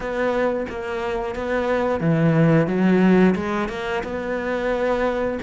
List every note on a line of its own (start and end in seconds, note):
0.00 0.66 B3
0.69 1.35 A#3
1.35 2.00 B3
2.00 2.67 E3
2.67 3.34 F#3
3.35 3.69 G#3
3.69 4.02 A#3
4.03 5.38 B3